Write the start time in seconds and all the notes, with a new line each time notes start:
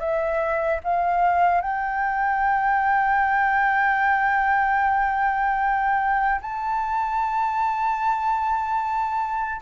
0.00 E5
0.84 F5
1.61 G5
6.41 A5